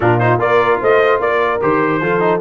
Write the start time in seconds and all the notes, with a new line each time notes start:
0.00 A#2 D4 F4 A#4
0.19 D#4 C5
0.38 A#3 F4 A#4 D5
0.80 A3 C5 D#5
1.19 A#3 A#4 D5
1.61 D#3 G4 C5
2.01 F3 F4 A4
2.19 D#4